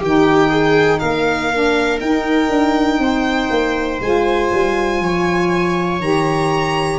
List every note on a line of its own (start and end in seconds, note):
0.00 1.02 D#3
0.00 1.53 D#4
0.00 0.50 G4
0.00 0.99 G5
0.50 1.00 G#4
0.99 2.01 A#3
0.99 3.01 A#4
0.99 1.99 F5
1.53 2.02 D4
2.01 2.49 D#4
2.01 4.02 D#4
2.01 4.01 G5
2.49 2.99 D4
2.99 3.49 C4
2.99 5.03 C5
3.51 4.01 A#3
4.01 4.51 G#3
4.01 6.01 F4
4.01 6.01 G#5
4.53 5.00 G3
5.00 6.00 F3
5.00 6.99 C#5
6.00 6.99 D#3
6.00 6.99 G4
6.00 6.99 A#5